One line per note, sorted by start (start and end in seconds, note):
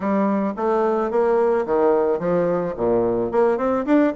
0.00 0.53 G3
0.56 1.10 A3
1.10 1.65 A#3
1.66 2.19 D#3
2.19 2.74 F3
2.76 3.31 A#2
3.31 3.57 A#3
3.57 3.85 C4
3.85 4.13 D4